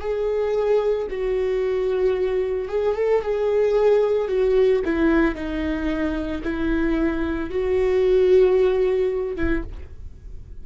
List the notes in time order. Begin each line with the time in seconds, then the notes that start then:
0.00 G#4
1.10 F#4
2.68 G#4
2.95 A4
3.22 G#4
4.28 F#4
4.85 E4
5.35 D#4
6.43 E4
7.50 F#4
9.36 E4